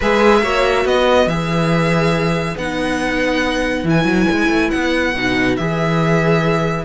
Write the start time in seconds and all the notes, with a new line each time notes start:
0.00 G#3 G#4 B4 E5
0.42 A#3 F#4 C#5
0.85 B3 B4 D#5
1.26 E3 G#4 E5
2.56 B3 D#4 F#5
3.83 E3 E4 G#5
4.04 F#3
4.30 G#3
4.48 A3
4.70 B3 F#5
5.14 B2 D#4
5.56 E3 G#4 E5